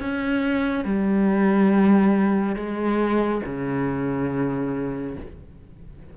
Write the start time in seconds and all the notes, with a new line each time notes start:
0.00 C#4
0.85 G3
2.56 G#3
3.45 C#3